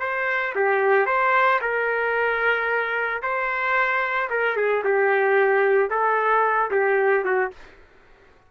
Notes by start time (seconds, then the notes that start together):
0.00 C5
0.55 G4
1.06 C5
1.61 A#4
3.22 C5
4.30 A#4
4.56 G#4
4.84 G4
5.90 A4
6.71 G4
7.24 F#4